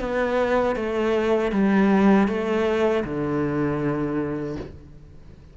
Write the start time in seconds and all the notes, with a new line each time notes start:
0.00 B3
0.76 A3
1.52 G3
2.28 A3
3.04 D3